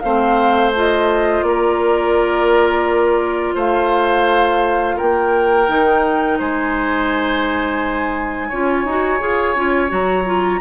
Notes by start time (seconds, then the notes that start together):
0.00 A3 C4 C5 F5
0.75 F4 D#5
1.42 A#3 A#4 D5
3.55 A3 C5 F5
4.96 A#3 A#4 G5
5.68 D#3 D#4
6.38 G#3 C5 G#5
8.49 C#4 F4 C#5
8.84 D#4 F#4
9.19 F4 G#4
9.55 C#4 F4
9.88 F#3 F#4 A#5
10.25 F4